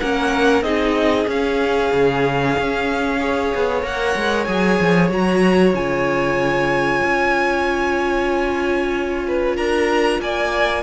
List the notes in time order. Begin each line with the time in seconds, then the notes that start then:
0.00 A#3 C#4 A#4 F#5
0.61 C4 D#4 G#4 D#5
1.27 C#4 F5
1.92 C#3
2.58 C#4
3.20 G#4 C#5
3.55 B3
3.82 A#3 A#4 F#5
4.15 G#3
4.44 F#3 G#4 G#5
4.81 F3
5.10 F#3 F#4 A#5
5.73 C#3 F4 G#5
7.03 C#4
9.28 B4
9.57 D4 A#4 A#5
10.19 A#3 D5 G#5